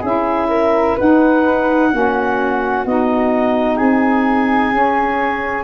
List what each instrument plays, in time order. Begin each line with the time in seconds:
0.00 tuba C#4, saxophone E4, flute G#4, clarinet E5
0.49 flute A#4
0.96 saxophone D#4, tuba D#4, flute B4, clarinet F#5
1.92 tuba A#3, saxophone C#4, flute F#4
2.85 tuba B3, saxophone D#4, clarinet D#5
3.76 tuba C4, flute G#4, clarinet G#5
4.73 tuba C#4, saxophone C#4